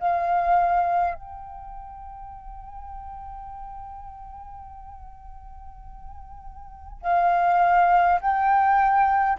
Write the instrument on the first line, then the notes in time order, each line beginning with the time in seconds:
flute
0.00 F5
1.15 G5
7.03 F5
8.21 G5